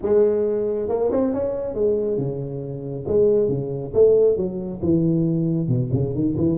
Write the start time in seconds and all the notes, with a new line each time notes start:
0.02 G#3
0.88 A#3
1.11 C4
1.33 C#4
1.74 G#3
2.17 C#3
3.07 G#3
3.48 C#3
3.94 A3
4.36 F#3
4.82 E3
5.68 B2
5.92 C#3
6.14 D#3
6.37 E3